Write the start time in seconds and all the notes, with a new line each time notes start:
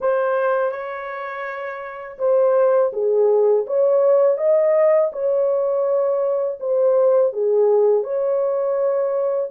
0.00 C5
0.71 C#5
2.18 C5
2.92 G#4
3.66 C#5
4.37 D#5
5.12 C#5
6.60 C5
7.32 G#4
8.03 C#5